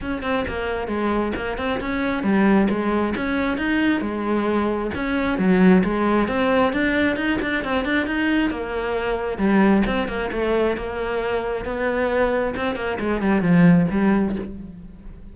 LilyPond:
\new Staff \with { instrumentName = "cello" } { \time 4/4 \tempo 4 = 134 cis'8 c'8 ais4 gis4 ais8 c'8 | cis'4 g4 gis4 cis'4 | dis'4 gis2 cis'4 | fis4 gis4 c'4 d'4 |
dis'8 d'8 c'8 d'8 dis'4 ais4~ | ais4 g4 c'8 ais8 a4 | ais2 b2 | c'8 ais8 gis8 g8 f4 g4 | }